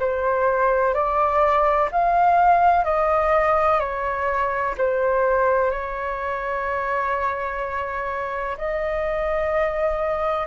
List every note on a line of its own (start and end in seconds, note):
0.00 0.94 C5
0.94 1.90 D5
1.92 2.85 F5
2.85 3.80 D#5
3.80 4.75 C#5
4.78 5.71 C5
5.71 8.57 C#5
8.58 10.48 D#5